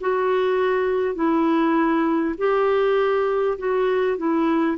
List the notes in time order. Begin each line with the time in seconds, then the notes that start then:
0.00 F#4
1.15 E4
2.38 G4
3.58 F#4
4.17 E4